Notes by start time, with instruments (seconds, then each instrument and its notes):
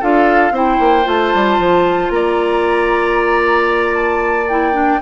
0.00 bassoon D4, clarinet F4, oboe A4, flute F5
0.51 bassoon C4, clarinet E4, oboe C5, flute G5
0.79 bassoon A#3
1.04 bassoon A3, clarinet F4, flute A5
1.34 bassoon G3
1.59 bassoon F3
2.10 bassoon A#3, oboe D5, flute A#5
3.95 flute A5
4.48 clarinet E4, flute G5
4.72 clarinet D4